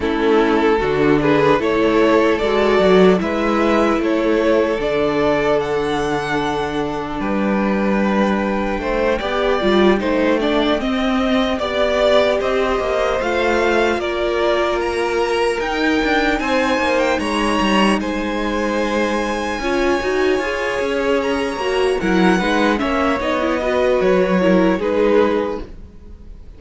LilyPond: <<
  \new Staff \with { instrumentName = "violin" } { \time 4/4 \tempo 4 = 75 a'4. b'8 cis''4 d''4 | e''4 cis''4 d''4 fis''4~ | fis''4 g''2.~ | g''2~ g''8 d''4 dis''8~ |
dis''8 f''4 d''4 ais''4 g''8~ | g''8 gis''8. g''16 ais''4 gis''4.~ | gis''2~ gis''8 ais''4 fis''8~ | fis''8 e''8 dis''4 cis''4 b'4 | }
  \new Staff \with { instrumentName = "violin" } { \time 4/4 e'4 fis'8 gis'8 a'2 | b'4 a'2.~ | a'4 b'2 c''8 d''8~ | d''8 c''8 d''8 dis''4 d''4 c''8~ |
c''4. ais'2~ ais'8~ | ais'8 c''4 cis''4 c''4.~ | c''8 cis''2. ais'8 | b'8 cis''4 b'4 ais'8 gis'4 | }
  \new Staff \with { instrumentName = "viola" } { \time 4/4 cis'4 d'4 e'4 fis'4 | e'2 d'2~ | d'2.~ d'8 g'8 | f'8 dis'8 d'8 c'4 g'4.~ |
g'8 f'2. dis'8~ | dis'1~ | dis'8 f'8 fis'8 gis'4. fis'8 e'8 | dis'8 cis'8 dis'16 e'16 fis'4 e'8 dis'4 | }
  \new Staff \with { instrumentName = "cello" } { \time 4/4 a4 d4 a4 gis8 fis8 | gis4 a4 d2~ | d4 g2 a8 b8 | g8 a4 c'4 b4 c'8 |
ais8 a4 ais2 dis'8 | d'8 c'8 ais8 gis8 g8 gis4.~ | gis8 cis'8 dis'8 f'8 cis'4 ais8 fis8 | gis8 ais8 b4 fis4 gis4 | }
>>